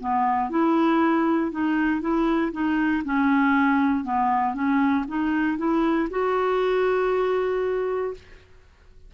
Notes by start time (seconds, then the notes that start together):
0.00 B3
0.50 E4
1.51 D#4
2.01 E4
2.52 D#4
3.05 C#4
4.04 B3
4.54 C#4
5.08 D#4
5.58 E4
6.11 F#4